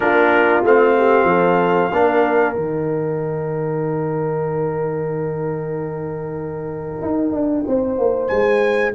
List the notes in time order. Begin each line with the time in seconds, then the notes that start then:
0.00 A#3 D4 F4 A#4
0.63 A3 C4 F5
0.96 G4
1.24 F3 A4
1.91 A#3 D4 A#4
2.55 D#3 D#4 G5
7.01 D#4
7.32 D4
7.67 C4 C5
7.98 A#3
8.27 G#3 G#5